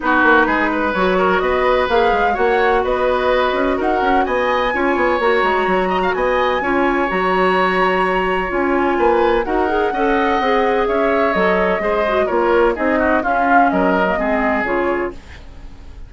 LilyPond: <<
  \new Staff \with { instrumentName = "flute" } { \time 4/4 \tempo 4 = 127 b'2 cis''4 dis''4 | f''4 fis''4 dis''2 | fis''4 gis''2 ais''4~ | ais''4 gis''2 ais''4~ |
ais''2 gis''2 | fis''2. e''4 | dis''2 cis''4 dis''4 | f''4 dis''2 cis''4 | }
  \new Staff \with { instrumentName = "oboe" } { \time 4/4 fis'4 gis'8 b'4 ais'8 b'4~ | b'4 cis''4 b'2 | ais'4 dis''4 cis''2~ | cis''8 dis''16 f''16 dis''4 cis''2~ |
cis''2. b'4 | ais'4 dis''2 cis''4~ | cis''4 c''4 ais'4 gis'8 fis'8 | f'4 ais'4 gis'2 | }
  \new Staff \with { instrumentName = "clarinet" } { \time 4/4 dis'2 fis'2 | gis'4 fis'2.~ | fis'2 f'4 fis'4~ | fis'2 f'4 fis'4~ |
fis'2 f'2 | fis'8 gis'8 a'4 gis'2 | a'4 gis'8 fis'8 f'4 dis'4 | cis'4.~ cis'16 ais16 c'4 f'4 | }
  \new Staff \with { instrumentName = "bassoon" } { \time 4/4 b8 ais8 gis4 fis4 b4 | ais8 gis8 ais4 b4. cis'8 | dis'8 cis'8 b4 cis'8 b8 ais8 gis8 | fis4 b4 cis'4 fis4~ |
fis2 cis'4 ais4 | dis'4 cis'4 c'4 cis'4 | fis4 gis4 ais4 c'4 | cis'4 fis4 gis4 cis4 | }
>>